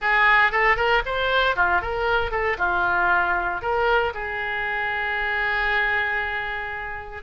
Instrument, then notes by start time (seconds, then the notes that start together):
oboe
0.01 G#4
0.51 A4
0.76 A#4
1.05 C5
1.55 F4
1.81 A#4
2.31 A4
2.58 F4
3.61 A#4
4.14 G#4